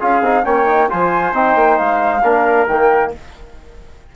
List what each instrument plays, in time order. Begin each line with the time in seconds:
0.00 bassoon C#4, trombone F4, trumpet G#4, flute F5
0.22 bassoon C4, trombone D#4
0.44 bassoon A#3, trombone C#4, trumpet C#5, flute G5
0.67 trombone D#4
0.90 bassoon F3, trombone F4, trumpet C5, flute G#5
1.33 bassoon C4, trombone D#4, flute G5
1.55 bassoon A#3
1.78 bassoon G#3, flute F5
2.23 bassoon A#3, trombone D4, trumpet A#4
2.67 bassoon D#3, trombone A#3, flute G5